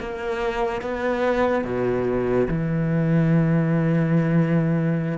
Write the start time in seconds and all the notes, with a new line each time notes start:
0.00 A#3
0.81 B3
1.65 B2
2.48 E3